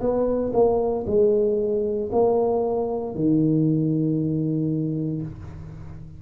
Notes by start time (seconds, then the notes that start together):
0.00 B3
0.53 A#3
1.06 G#3
2.12 A#3
3.15 D#3